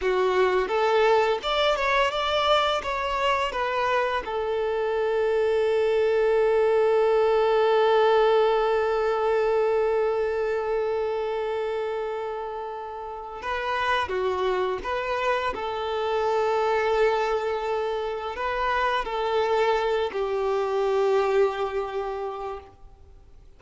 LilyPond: \new Staff \with { instrumentName = "violin" } { \time 4/4 \tempo 4 = 85 fis'4 a'4 d''8 cis''8 d''4 | cis''4 b'4 a'2~ | a'1~ | a'1~ |
a'2. b'4 | fis'4 b'4 a'2~ | a'2 b'4 a'4~ | a'8 g'2.~ g'8 | }